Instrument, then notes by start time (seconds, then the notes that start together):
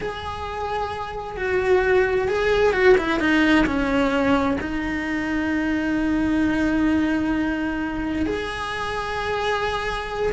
cello
0.00 G#4
1.36 F#4
2.28 G#4
2.73 F#4
2.97 E4
3.19 D#4
3.66 C#4
4.60 D#4
8.25 G#4